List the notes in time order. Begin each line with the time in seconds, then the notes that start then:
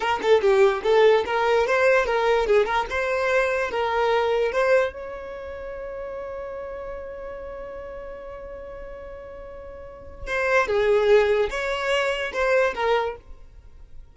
0.00 A#4
0.22 A4
0.41 G4
0.83 A4
1.25 A#4
1.66 C5
2.05 A#4
2.46 G#4
2.65 A#4
2.90 C5
3.71 A#4
4.52 C5
4.93 C#5
10.26 C5
10.67 G#4
11.50 C#5
12.33 C5
12.75 A#4